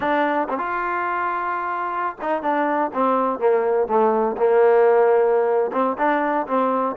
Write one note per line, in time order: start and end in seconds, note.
0.00 0.48 D4
0.49 0.57 C4
0.57 2.16 F4
2.21 2.42 D#4
2.42 2.91 D4
2.93 3.39 C4
3.39 3.87 A#3
3.87 4.36 A3
4.37 5.71 A#3
5.72 5.96 C4
5.98 6.46 D4
6.47 6.95 C4